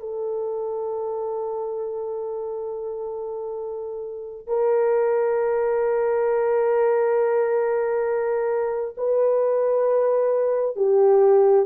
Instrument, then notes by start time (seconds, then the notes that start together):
horn
0.00 A4
4.47 A#4
8.97 B4
10.76 G4